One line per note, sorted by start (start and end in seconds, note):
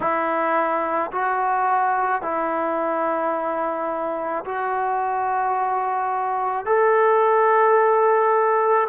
0.00 1.11 E4
1.11 2.22 F#4
2.22 4.44 E4
4.44 6.65 F#4
6.65 8.87 A4